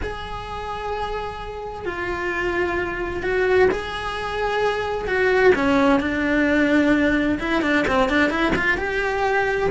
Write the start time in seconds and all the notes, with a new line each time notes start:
0.02 G#4
1.85 F4
3.22 F#4
3.71 G#4
5.07 F#4
5.55 C#4
6.00 D4
7.39 E4
7.62 D4
7.87 C4
8.09 D4
8.30 E4
8.55 F4
8.77 G4